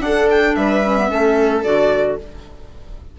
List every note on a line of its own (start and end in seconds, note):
0.00 0.54 D4
0.00 0.84 D4
0.00 0.57 A4
0.00 0.28 F#5
0.30 0.55 G5
0.55 1.10 G3
0.55 1.11 B4
0.55 1.64 E5
0.84 0.97 C#4
0.97 1.08 B3
1.08 1.65 A3
1.08 1.62 C#4
1.08 2.19 A4
1.64 2.19 D3
1.64 2.18 F#4
1.64 2.18 D5